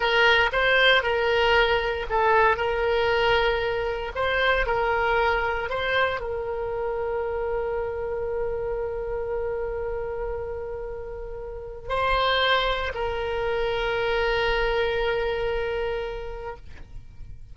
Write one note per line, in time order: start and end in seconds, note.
0.00 0.49 A#4
0.52 1.03 C5
1.03 2.06 A#4
2.09 2.57 A4
2.57 4.12 A#4
4.15 4.66 C5
4.66 5.69 A#4
5.69 6.20 C5
6.20 11.88 A#4
11.88 12.92 C5
12.94 16.56 A#4